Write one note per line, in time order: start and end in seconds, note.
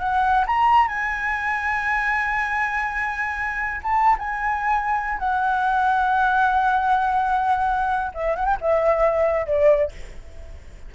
0.00 0.45 F#5
0.47 0.88 A#5
0.88 3.81 G#5
3.83 4.17 A5
4.19 5.19 G#5
5.19 8.12 F#5
8.14 8.36 E5
8.36 8.46 F#5
8.46 8.57 G5
8.61 9.47 E5
9.47 9.92 D5